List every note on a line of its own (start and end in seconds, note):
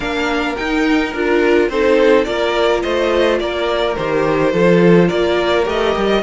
0.00 0.55 A#3
0.00 0.56 D4
0.00 1.67 A#4
0.00 0.56 F5
0.56 1.14 D#4
0.56 1.12 G5
1.12 1.69 D4
1.12 1.71 F4
1.12 1.68 A#4
1.68 2.25 C4
1.68 2.25 D#4
1.68 2.27 A4
1.68 2.24 C5
2.24 2.83 A#3
2.24 3.95 F4
2.24 2.83 A#4
2.24 2.81 D5
2.82 3.40 A3
2.82 3.40 C5
2.82 3.39 D#5
3.39 3.96 A#3
3.39 4.53 A#4
3.39 3.95 D5
3.95 4.53 D#3
3.95 4.53 G4
3.95 5.08 C5
4.53 5.10 F3
4.53 5.64 F4
4.53 5.08 A4
5.08 5.67 A#3
5.08 6.21 A#4
5.08 5.65 D5
5.64 5.95 A3
5.64 6.20 G4
5.64 6.22 D#5
5.96 6.22 G3